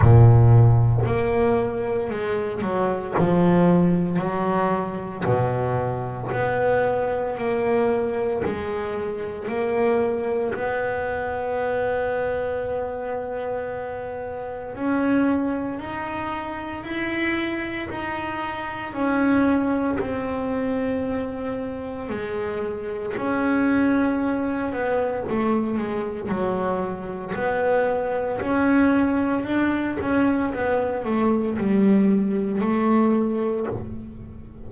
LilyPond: \new Staff \with { instrumentName = "double bass" } { \time 4/4 \tempo 4 = 57 ais,4 ais4 gis8 fis8 f4 | fis4 b,4 b4 ais4 | gis4 ais4 b2~ | b2 cis'4 dis'4 |
e'4 dis'4 cis'4 c'4~ | c'4 gis4 cis'4. b8 | a8 gis8 fis4 b4 cis'4 | d'8 cis'8 b8 a8 g4 a4 | }